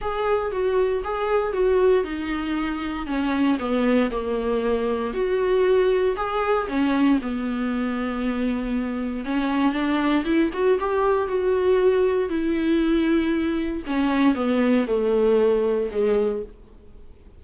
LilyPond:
\new Staff \with { instrumentName = "viola" } { \time 4/4 \tempo 4 = 117 gis'4 fis'4 gis'4 fis'4 | dis'2 cis'4 b4 | ais2 fis'2 | gis'4 cis'4 b2~ |
b2 cis'4 d'4 | e'8 fis'8 g'4 fis'2 | e'2. cis'4 | b4 a2 gis4 | }